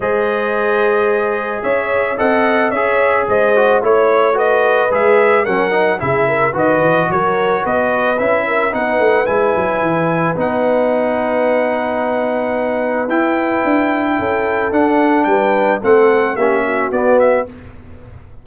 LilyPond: <<
  \new Staff \with { instrumentName = "trumpet" } { \time 4/4 \tempo 4 = 110 dis''2. e''4 | fis''4 e''4 dis''4 cis''4 | dis''4 e''4 fis''4 e''4 | dis''4 cis''4 dis''4 e''4 |
fis''4 gis''2 fis''4~ | fis''1 | g''2. fis''4 | g''4 fis''4 e''4 d''8 e''8 | }
  \new Staff \with { instrumentName = "horn" } { \time 4/4 c''2. cis''4 | dis''4 cis''4 c''4 cis''4 | b'2 ais'4 gis'8 ais'8 | b'4 ais'4 b'4. ais'8 |
b'1~ | b'1~ | b'2 a'2 | b'4 a'4 g'8 fis'4. | }
  \new Staff \with { instrumentName = "trombone" } { \time 4/4 gis'1 | a'4 gis'4. fis'8 e'4 | fis'4 gis'4 cis'8 dis'8 e'4 | fis'2. e'4 |
dis'4 e'2 dis'4~ | dis'1 | e'2. d'4~ | d'4 c'4 cis'4 b4 | }
  \new Staff \with { instrumentName = "tuba" } { \time 4/4 gis2. cis'4 | c'4 cis'4 gis4 a4~ | a4 gis4 fis4 cis4 | dis8 e8 fis4 b4 cis'4 |
b8 a8 gis8 fis8 e4 b4~ | b1 | e'4 d'4 cis'4 d'4 | g4 a4 ais4 b4 | }
>>